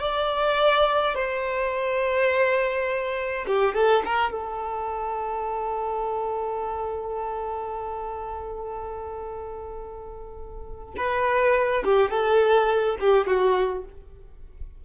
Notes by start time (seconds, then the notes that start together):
0.00 D5
1.15 C5
3.47 G4
3.74 A4
4.05 A#4
4.31 A4
10.97 B4
11.84 G4
12.10 A4
13.00 G4
13.27 F#4